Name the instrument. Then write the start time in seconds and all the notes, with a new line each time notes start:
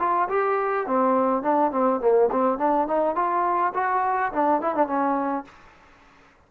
trombone
0.00 F4
0.29 G4
0.87 C4
1.43 D4
1.72 C4
2.01 A#3
2.32 C4
2.59 D4
2.88 D#4
3.16 F4
3.75 F#4
4.33 D4
4.62 E4
4.76 D4
4.87 C#4